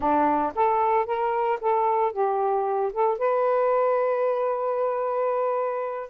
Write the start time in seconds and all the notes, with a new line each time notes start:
0.00 D4
0.55 A4
1.05 A#4
1.60 A4
2.12 G4
2.93 A4
3.18 B4